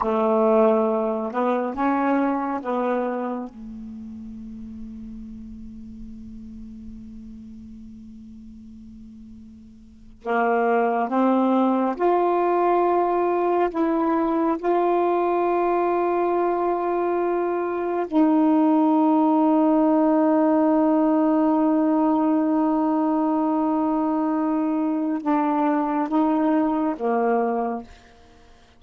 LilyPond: \new Staff \with { instrumentName = "saxophone" } { \time 4/4 \tempo 4 = 69 a4. b8 cis'4 b4 | a1~ | a2.~ a8. ais16~ | ais8. c'4 f'2 e'16~ |
e'8. f'2.~ f'16~ | f'8. dis'2.~ dis'16~ | dis'1~ | dis'4 d'4 dis'4 ais4 | }